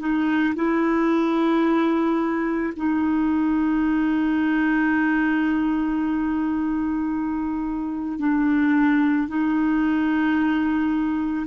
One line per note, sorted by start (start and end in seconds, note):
0.00 0.55 D#4
0.56 2.74 E4
2.77 8.19 D#4
8.19 9.28 D4
9.28 11.46 D#4